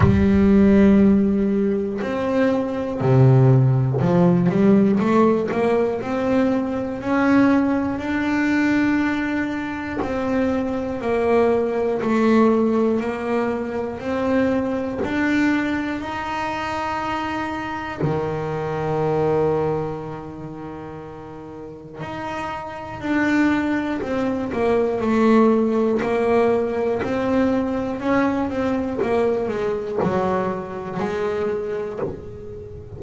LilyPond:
\new Staff \with { instrumentName = "double bass" } { \time 4/4 \tempo 4 = 60 g2 c'4 c4 | f8 g8 a8 ais8 c'4 cis'4 | d'2 c'4 ais4 | a4 ais4 c'4 d'4 |
dis'2 dis2~ | dis2 dis'4 d'4 | c'8 ais8 a4 ais4 c'4 | cis'8 c'8 ais8 gis8 fis4 gis4 | }